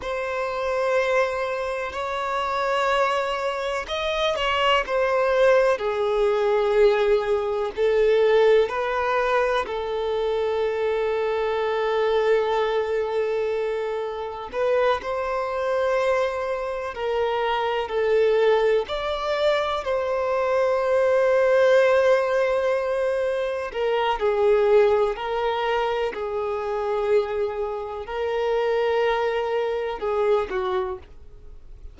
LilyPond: \new Staff \with { instrumentName = "violin" } { \time 4/4 \tempo 4 = 62 c''2 cis''2 | dis''8 cis''8 c''4 gis'2 | a'4 b'4 a'2~ | a'2. b'8 c''8~ |
c''4. ais'4 a'4 d''8~ | d''8 c''2.~ c''8~ | c''8 ais'8 gis'4 ais'4 gis'4~ | gis'4 ais'2 gis'8 fis'8 | }